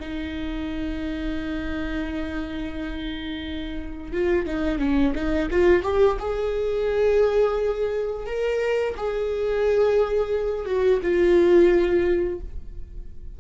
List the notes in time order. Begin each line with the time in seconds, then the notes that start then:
0.00 D#4
4.13 F4
4.47 D#4
4.79 C#4
5.15 D#4
5.51 F4
5.83 G4
6.19 G#4
8.26 A#4
8.97 G#4
10.66 F#4
11.03 F4